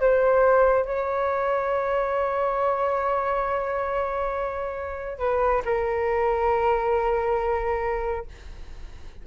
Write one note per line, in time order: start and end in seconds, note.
0.00 0.85 C5
0.85 5.19 C#5
5.19 5.62 B4
5.65 8.26 A#4